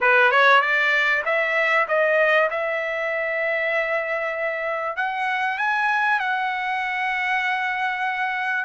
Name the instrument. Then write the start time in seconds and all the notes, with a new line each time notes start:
trumpet
0.00 B4
0.31 C#5
0.61 D5
1.25 E5
1.88 D#5
2.50 E5
4.96 F#5
5.58 G#5
6.19 F#5